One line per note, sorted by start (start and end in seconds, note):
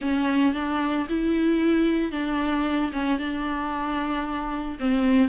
0.01 0.54 C#4
0.54 1.07 D4
1.09 2.11 E4
2.11 2.91 D4
2.92 3.19 C#4
3.19 4.78 D4
4.79 5.28 C4